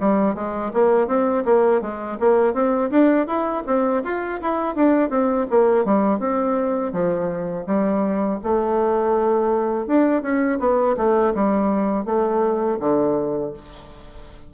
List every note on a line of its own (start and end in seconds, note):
0.00 0.35 G3
0.35 0.72 G#3
0.74 1.07 A#3
1.07 1.44 C4
1.45 1.81 A#3
1.81 2.18 G#3
2.20 2.54 A#3
2.54 2.90 C4
2.91 3.27 D4
3.27 3.64 E4
3.67 4.03 C4
4.04 4.41 F4
4.42 4.76 E4
4.76 5.10 D4
5.10 5.46 C4
5.50 5.85 A#3
5.85 6.20 G3
6.20 6.93 C4
6.93 7.66 F3
7.67 8.40 G3
8.43 9.87 A3
9.87 10.22 D4
10.22 10.59 C#4
10.60 10.96 B3
10.97 11.34 A3
11.35 12.06 G3
12.06 12.79 A3
12.80 13.53 D3